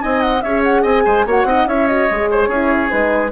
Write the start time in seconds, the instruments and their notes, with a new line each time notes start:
0.00 bassoon C4, horn D#4, oboe D#5, flute G#5
0.20 flute F#5
0.41 bassoon C#4, horn G#4, oboe C#5, flute E5
0.63 flute F#5
0.82 bassoon C4, oboe D#5, flute G#5
1.05 bassoon G#3, oboe C5
1.26 bassoon A#3, horn F#4, oboe C#5, flute F#5
1.44 bassoon C4, horn D#4, oboe D#5
1.66 bassoon C#4, horn E4, oboe C#5, flute E5
1.87 horn F#4, flute D#5
2.10 bassoon G#3, horn G#4
2.30 oboe C5, flute C#5
2.47 bassoon C#4, horn E4, oboe G#4
2.89 bassoon G#3, horn D#4, flute B4